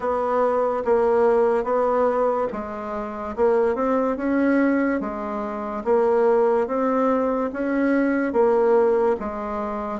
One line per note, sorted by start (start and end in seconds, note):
0.00 0.83 B3
0.84 1.64 A#3
1.64 2.47 B3
2.52 3.35 G#3
3.36 3.75 A#3
3.75 4.17 C4
4.17 5.00 C#4
5.00 5.83 G#3
5.84 6.67 A#3
6.67 7.50 C4
7.52 8.32 C#4
8.32 9.16 A#3
9.19 10.00 G#3